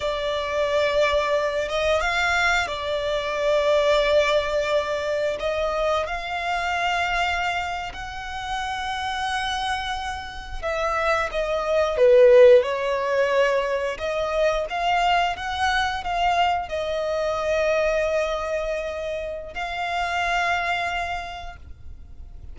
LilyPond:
\new Staff \with { instrumentName = "violin" } { \time 4/4 \tempo 4 = 89 d''2~ d''8 dis''8 f''4 | d''1 | dis''4 f''2~ f''8. fis''16~ | fis''2.~ fis''8. e''16~ |
e''8. dis''4 b'4 cis''4~ cis''16~ | cis''8. dis''4 f''4 fis''4 f''16~ | f''8. dis''2.~ dis''16~ | dis''4 f''2. | }